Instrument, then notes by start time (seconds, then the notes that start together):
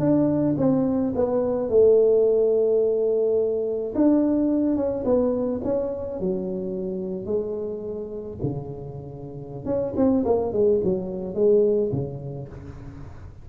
tuba
0.00 D4
0.58 C4
1.15 B3
1.69 A3
3.95 D4
4.76 C#4
5.05 B3
5.64 C#4
6.20 F#3
7.26 G#3
8.43 C#3
9.66 C#4
9.97 C4
10.26 A#3
10.53 G#3
10.84 F#3
11.35 G#3
11.92 C#3